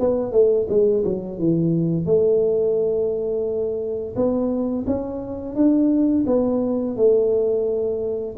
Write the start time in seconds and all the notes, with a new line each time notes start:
0.00 B3
0.33 A3
0.69 G#3
1.05 F#3
1.39 E3
2.06 A3
4.16 B3
4.87 C#4
5.56 D4
6.27 B3
6.97 A3